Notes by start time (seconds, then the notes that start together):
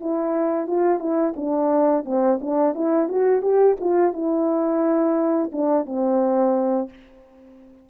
0.00 E4
0.67 F4
0.99 E4
1.36 D4
2.05 C4
2.41 D4
2.74 E4
3.08 F#4
3.41 G4
3.80 F4
4.13 E4
5.52 D4
5.86 C4